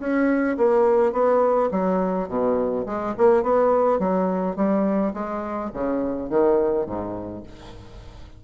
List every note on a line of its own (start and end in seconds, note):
0.00 0.57 C#4
0.57 1.13 A#3
1.13 1.70 B3
1.71 2.29 F#3
2.29 2.86 B2
2.86 3.15 G#3
3.18 3.43 A#3
3.43 4.00 B3
4.00 4.56 F#3
4.56 5.13 G3
5.14 5.71 G#3
5.74 6.30 C#3
6.30 6.86 D#3
6.86 7.43 G#2